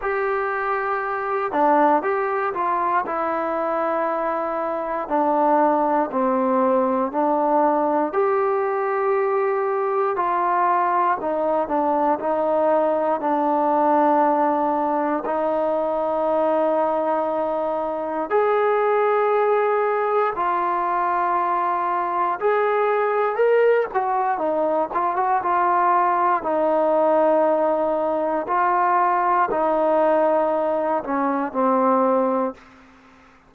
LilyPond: \new Staff \with { instrumentName = "trombone" } { \time 4/4 \tempo 4 = 59 g'4. d'8 g'8 f'8 e'4~ | e'4 d'4 c'4 d'4 | g'2 f'4 dis'8 d'8 | dis'4 d'2 dis'4~ |
dis'2 gis'2 | f'2 gis'4 ais'8 fis'8 | dis'8 f'16 fis'16 f'4 dis'2 | f'4 dis'4. cis'8 c'4 | }